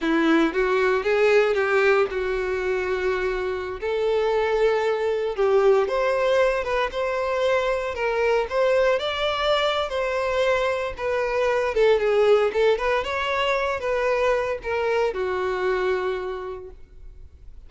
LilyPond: \new Staff \with { instrumentName = "violin" } { \time 4/4 \tempo 4 = 115 e'4 fis'4 gis'4 g'4 | fis'2.~ fis'16 a'8.~ | a'2~ a'16 g'4 c''8.~ | c''8. b'8 c''2 ais'8.~ |
ais'16 c''4 d''4.~ d''16 c''4~ | c''4 b'4. a'8 gis'4 | a'8 b'8 cis''4. b'4. | ais'4 fis'2. | }